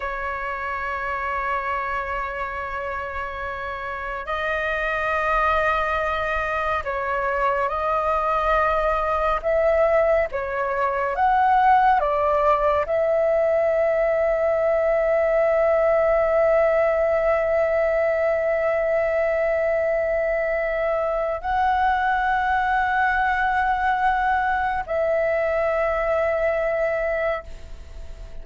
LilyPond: \new Staff \with { instrumentName = "flute" } { \time 4/4 \tempo 4 = 70 cis''1~ | cis''4 dis''2. | cis''4 dis''2 e''4 | cis''4 fis''4 d''4 e''4~ |
e''1~ | e''1~ | e''4 fis''2.~ | fis''4 e''2. | }